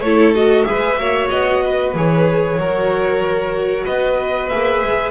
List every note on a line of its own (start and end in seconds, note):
0.00 0.64 A3
0.00 0.35 E4
0.00 0.67 A4
0.00 0.33 C#5
0.35 0.65 F#4
0.35 0.65 D#5
0.65 0.99 G#3
0.65 0.97 G#4
0.65 1.00 B4
0.65 1.28 E5
0.99 1.30 A#3
0.99 1.95 F#4
0.99 1.64 C#5
1.30 1.94 B3
1.30 1.93 D#5
1.64 2.59 B4
1.94 2.58 E3
1.94 2.59 G#4
1.94 3.86 C#5
2.58 3.85 F#3
2.58 4.51 F#4
2.58 3.84 A#4
3.84 4.51 B3
3.84 5.11 B4
3.84 4.49 D#5
4.49 4.83 A#3
4.49 5.11 G#4
4.49 5.11 E5
4.83 5.11 G#3